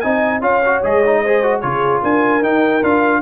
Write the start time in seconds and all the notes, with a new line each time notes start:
0.00 C4 D#4 D#5 G#5
0.41 C#4 F4 C#5 F5
0.65 F#4
0.83 G#3 G#4 D#5
1.06 D#4
1.22 G#4 C5
1.43 F#4
1.60 C#3 F4 G#4 C#5
2.02 D4 A#4 G#5
2.42 D#4 G5
2.83 D4 F4 F5